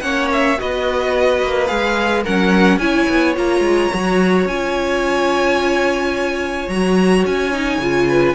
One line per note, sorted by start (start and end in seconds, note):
0.00 0.58 A#3
0.00 0.57 C#4
0.00 0.59 C#5
0.00 0.28 F#5
0.32 0.60 E5
0.57 1.42 B3
0.57 1.67 F#4
0.57 2.23 B4
0.57 1.67 D#5
1.42 1.70 A#3
1.67 2.25 G#3
1.67 2.22 G#4
1.67 2.22 F5
2.23 2.77 F#3
2.23 2.80 C#4
2.23 2.78 A#4
2.23 2.78 F#5
2.77 3.05 C#4
2.77 3.35 E4
2.77 8.07 C#5
2.77 3.34 G#5
3.09 3.36 B3
3.35 3.59 A#3
3.35 3.90 F4
3.35 4.47 A#5
3.59 3.87 G#3
3.93 4.45 F#3
3.93 4.48 F#4
4.45 6.67 C#4
4.45 6.70 F4
4.45 6.69 G#5
6.68 7.24 F#3
6.68 7.52 F#4
6.68 7.24 A#5
7.25 7.77 C#4
7.25 8.35 G#5
7.52 7.80 D#4
7.77 8.33 C#3
7.77 8.35 F4
8.08 8.35 B4